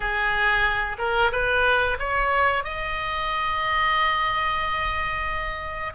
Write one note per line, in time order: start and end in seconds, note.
0.00 0.96 G#4
0.98 1.31 A#4
1.32 1.98 B4
1.99 2.64 C#5
2.64 5.93 D#5